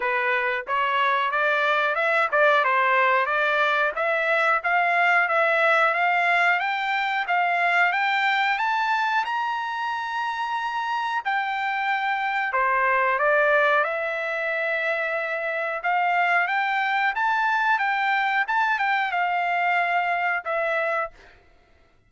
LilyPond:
\new Staff \with { instrumentName = "trumpet" } { \time 4/4 \tempo 4 = 91 b'4 cis''4 d''4 e''8 d''8 | c''4 d''4 e''4 f''4 | e''4 f''4 g''4 f''4 | g''4 a''4 ais''2~ |
ais''4 g''2 c''4 | d''4 e''2. | f''4 g''4 a''4 g''4 | a''8 g''8 f''2 e''4 | }